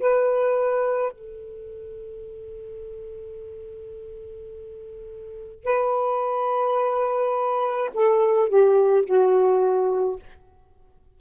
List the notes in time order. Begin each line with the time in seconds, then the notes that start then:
0.00 B4
1.12 A4
5.63 B4
7.95 A4
8.49 G4
9.06 F#4